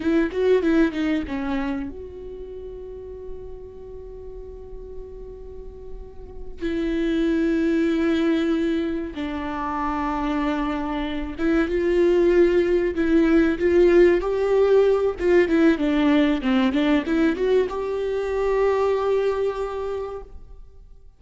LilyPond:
\new Staff \with { instrumentName = "viola" } { \time 4/4 \tempo 4 = 95 e'8 fis'8 e'8 dis'8 cis'4 fis'4~ | fis'1~ | fis'2~ fis'8 e'4.~ | e'2~ e'8 d'4.~ |
d'2 e'8 f'4.~ | f'8 e'4 f'4 g'4. | f'8 e'8 d'4 c'8 d'8 e'8 fis'8 | g'1 | }